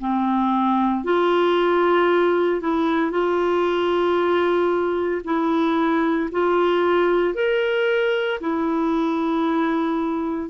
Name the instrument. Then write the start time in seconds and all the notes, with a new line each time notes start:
clarinet
0.00 C4
1.04 F4
2.61 E4
3.11 F4
5.24 E4
6.32 F4
7.34 A#4
8.40 E4